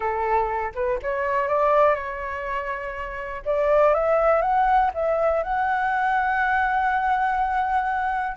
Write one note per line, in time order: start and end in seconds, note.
0.00 0.72 A4
0.74 0.99 B4
1.02 1.48 C#5
1.48 1.94 D5
1.94 3.42 C#5
3.45 3.94 D5
3.94 4.42 E5
4.42 4.90 F#5
4.93 5.43 E5
5.43 8.36 F#5